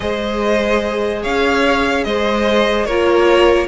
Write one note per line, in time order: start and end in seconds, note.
0.00 1.24 G#3
0.00 2.87 G#4
0.00 1.22 C5
0.00 1.23 D#5
1.22 2.05 C#4
1.22 2.04 C#5
1.22 2.04 F5
2.04 2.87 G#3
2.04 2.87 C5
2.04 2.85 D#5
2.85 3.68 A#3
2.85 3.68 F4
2.85 3.68 A#4
2.85 3.67 C#5